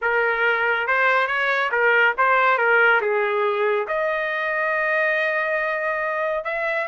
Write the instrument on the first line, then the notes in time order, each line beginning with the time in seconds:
trumpet
0.01 A#4
0.87 C5
1.27 C#5
1.71 A#4
2.17 C5
2.57 A#4
3.01 G#4
3.87 D#5
6.44 E5